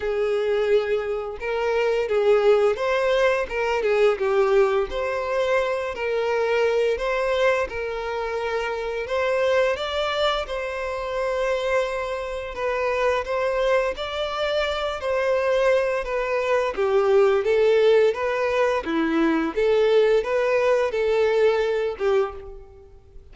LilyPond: \new Staff \with { instrumentName = "violin" } { \time 4/4 \tempo 4 = 86 gis'2 ais'4 gis'4 | c''4 ais'8 gis'8 g'4 c''4~ | c''8 ais'4. c''4 ais'4~ | ais'4 c''4 d''4 c''4~ |
c''2 b'4 c''4 | d''4. c''4. b'4 | g'4 a'4 b'4 e'4 | a'4 b'4 a'4. g'8 | }